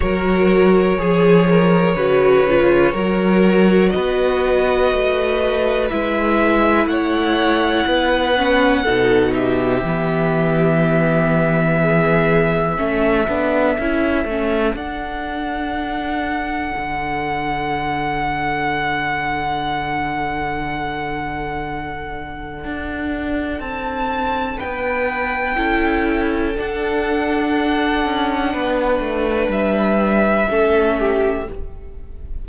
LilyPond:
<<
  \new Staff \with { instrumentName = "violin" } { \time 4/4 \tempo 4 = 61 cis''1 | dis''2 e''4 fis''4~ | fis''4. e''2~ e''8~ | e''2. fis''4~ |
fis''1~ | fis''1 | a''4 g''2 fis''4~ | fis''2 e''2 | }
  \new Staff \with { instrumentName = "violin" } { \time 4/4 ais'4 gis'8 ais'8 b'4 ais'4 | b'2. cis''4 | b'4 a'8 g'2~ g'8 | gis'4 a'2.~ |
a'1~ | a'1~ | a'4 b'4 a'2~ | a'4 b'2 a'8 g'8 | }
  \new Staff \with { instrumentName = "viola" } { \time 4/4 fis'4 gis'4 fis'8 f'8 fis'4~ | fis'2 e'2~ | e'8 cis'8 dis'4 b2~ | b4 cis'8 d'8 e'8 cis'8 d'4~ |
d'1~ | d'1~ | d'2 e'4 d'4~ | d'2. cis'4 | }
  \new Staff \with { instrumentName = "cello" } { \time 4/4 fis4 f4 cis4 fis4 | b4 a4 gis4 a4 | b4 b,4 e2~ | e4 a8 b8 cis'8 a8 d'4~ |
d'4 d2.~ | d2. d'4 | c'4 b4 cis'4 d'4~ | d'8 cis'8 b8 a8 g4 a4 | }
>>